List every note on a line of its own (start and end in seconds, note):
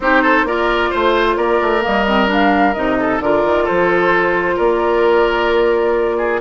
0.00 0.43 C4
0.00 0.47 D#4
0.00 0.22 G4
0.00 0.47 C5
0.22 0.45 A4
0.43 0.89 A#3
0.43 1.81 F4
0.43 0.90 A#4
0.43 0.91 D5
0.90 1.36 A3
0.90 1.36 C5
0.90 1.37 C5
1.36 1.59 A#3
1.36 2.97 A#4
1.36 1.82 D5
1.61 1.84 A3
1.81 2.75 G3
1.81 2.04 A#3
1.81 2.30 D#5
2.07 2.27 C4
2.27 2.73 D4
2.27 2.73 F5
2.73 3.20 C3
2.73 3.22 D#4
2.73 3.19 D#5
2.99 3.22 A4
3.20 3.42 D3
3.20 6.40 F4
3.20 3.64 A#4
3.20 3.66 D5
3.44 3.67 D#3
3.64 4.55 A4
3.64 4.58 C5
3.70 4.58 F3
4.56 6.40 A#3
4.56 6.16 A#4
4.56 6.40 D5
6.17 6.40 G#4